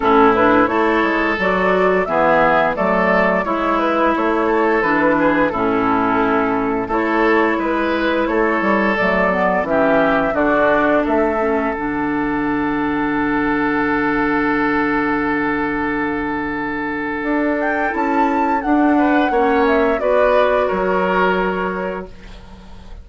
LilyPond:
<<
  \new Staff \with { instrumentName = "flute" } { \time 4/4 \tempo 4 = 87 a'8 b'8 cis''4 d''4 e''4 | d''4 cis''8 b'8 cis''4 b'4 | a'2 cis''4 b'4 | cis''4 d''4 e''4 d''4 |
e''4 fis''2.~ | fis''1~ | fis''4. g''8 a''4 fis''4~ | fis''8 e''8 d''4 cis''2 | }
  \new Staff \with { instrumentName = "oboe" } { \time 4/4 e'4 a'2 gis'4 | a'4 e'4. a'4 gis'8 | e'2 a'4 b'4 | a'2 g'4 fis'4 |
a'1~ | a'1~ | a'2.~ a'8 b'8 | cis''4 b'4 ais'2 | }
  \new Staff \with { instrumentName = "clarinet" } { \time 4/4 cis'8 d'8 e'4 fis'4 b4 | a4 e'2 d'4 | cis'2 e'2~ | e'4 a8 b8 cis'4 d'4~ |
d'8 cis'8 d'2.~ | d'1~ | d'2 e'4 d'4 | cis'4 fis'2. | }
  \new Staff \with { instrumentName = "bassoon" } { \time 4/4 a,4 a8 gis8 fis4 e4 | fis4 gis4 a4 e4 | a,2 a4 gis4 | a8 g8 fis4 e4 d4 |
a4 d2.~ | d1~ | d4 d'4 cis'4 d'4 | ais4 b4 fis2 | }
>>